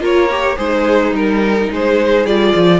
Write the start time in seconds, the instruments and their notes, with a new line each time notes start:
0.00 cello A#3, viola F4, violin A#4 C#5
0.31 viola G4
0.58 cello G#3, violin D#4 C5, viola G#4
1.12 cello G3, viola D#4, violin A#4
1.71 cello G#3, violin G#4 C5
2.25 cello G3, viola F4, violin D5
2.56 cello F3